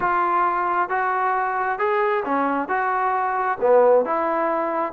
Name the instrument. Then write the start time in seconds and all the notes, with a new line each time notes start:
trombone
0.00 F4
0.89 F#4
1.78 G#4
2.25 C#4
2.68 F#4
3.60 B3
4.05 E4